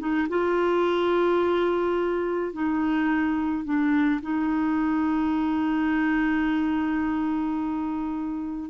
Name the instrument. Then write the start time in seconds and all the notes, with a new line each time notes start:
clarinet
0.00 D#4
0.30 F4
2.54 D#4
3.65 D4
4.22 D#4